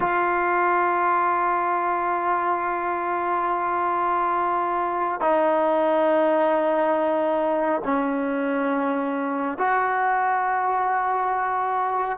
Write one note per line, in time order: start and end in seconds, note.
0.00 5.20 F4
5.21 7.81 D#4
7.84 9.58 C#4
9.58 12.18 F#4